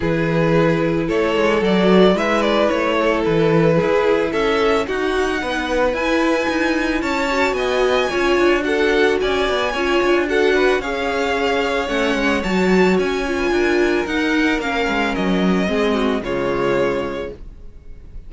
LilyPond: <<
  \new Staff \with { instrumentName = "violin" } { \time 4/4 \tempo 4 = 111 b'2 cis''4 d''4 | e''8 d''8 cis''4 b'2 | e''4 fis''2 gis''4~ | gis''4 a''4 gis''2 |
fis''4 gis''2 fis''4 | f''2 fis''4 a''4 | gis''2 fis''4 f''4 | dis''2 cis''2 | }
  \new Staff \with { instrumentName = "violin" } { \time 4/4 gis'2 a'2 | b'4. a'4. gis'4 | a'4 fis'4 b'2~ | b'4 cis''4 dis''4 cis''4 |
a'4 d''4 cis''4 a'8 b'8 | cis''1~ | cis''8. b'16 ais'2.~ | ais'4 gis'8 fis'8 f'2 | }
  \new Staff \with { instrumentName = "viola" } { \time 4/4 e'2. fis'4 | e'1~ | e'4 dis'2 e'4~ | e'4. fis'4. f'4 |
fis'2 f'4 fis'4 | gis'2 cis'4 fis'4~ | fis'8 f'4. dis'4 cis'4~ | cis'4 c'4 gis2 | }
  \new Staff \with { instrumentName = "cello" } { \time 4/4 e2 a8 gis8 fis4 | gis4 a4 e4 e'4 | cis'4 dis'4 b4 e'4 | dis'4 cis'4 b4 cis'8 d'8~ |
d'4 cis'8 b8 cis'8 d'4. | cis'2 a8 gis8 fis4 | cis'4 d'4 dis'4 ais8 gis8 | fis4 gis4 cis2 | }
>>